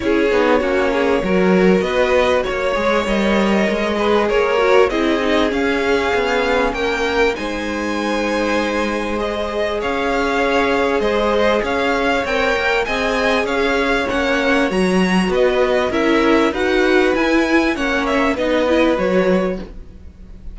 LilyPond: <<
  \new Staff \with { instrumentName = "violin" } { \time 4/4 \tempo 4 = 98 cis''2. dis''4 | cis''4 dis''2 cis''4 | dis''4 f''2 g''4 | gis''2. dis''4 |
f''2 dis''4 f''4 | g''4 gis''4 f''4 fis''4 | ais''4 dis''4 e''4 fis''4 | gis''4 fis''8 e''8 dis''4 cis''4 | }
  \new Staff \with { instrumentName = "violin" } { \time 4/4 gis'4 fis'8 gis'8 ais'4 b'4 | cis''2~ cis''8 b'8 ais'4 | gis'2. ais'4 | c''1 |
cis''2 c''4 cis''4~ | cis''4 dis''4 cis''2~ | cis''4 b'4 ais'4 b'4~ | b'4 cis''4 b'2 | }
  \new Staff \with { instrumentName = "viola" } { \time 4/4 e'8 dis'8 cis'4 fis'2~ | fis'8 gis'8 ais'4. gis'4 fis'8 | e'8 dis'8 cis'2. | dis'2. gis'4~ |
gis'1 | ais'4 gis'2 cis'4 | fis'2 e'4 fis'4 | e'4 cis'4 dis'8 e'8 fis'4 | }
  \new Staff \with { instrumentName = "cello" } { \time 4/4 cis'8 b8 ais4 fis4 b4 | ais8 gis8 g4 gis4 ais4 | c'4 cis'4 b4 ais4 | gis1 |
cis'2 gis4 cis'4 | c'8 ais8 c'4 cis'4 ais4 | fis4 b4 cis'4 dis'4 | e'4 ais4 b4 fis4 | }
>>